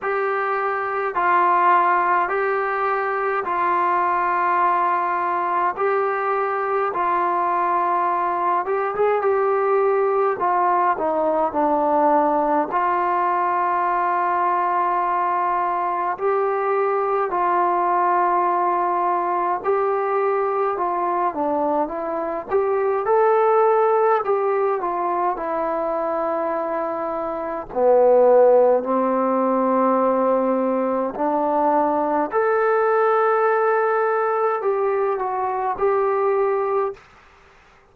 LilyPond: \new Staff \with { instrumentName = "trombone" } { \time 4/4 \tempo 4 = 52 g'4 f'4 g'4 f'4~ | f'4 g'4 f'4. g'16 gis'16 | g'4 f'8 dis'8 d'4 f'4~ | f'2 g'4 f'4~ |
f'4 g'4 f'8 d'8 e'8 g'8 | a'4 g'8 f'8 e'2 | b4 c'2 d'4 | a'2 g'8 fis'8 g'4 | }